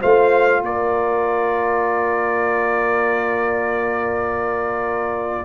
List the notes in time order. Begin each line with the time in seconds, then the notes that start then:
0.00 A3 F4 C5 F5
0.61 A#3 A#4 D5